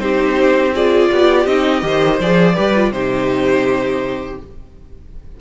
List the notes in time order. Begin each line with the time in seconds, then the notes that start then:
0.00 C4 D#4 G4 C5
0.75 F4 G#4 D5
1.12 B3 G4
1.46 C4 D#4 D#5
1.82 D#3 G4 C5
2.20 F3 G#4 D5
2.55 G3 G4 B4
2.76 F4
2.91 C3 D#4 G4 C5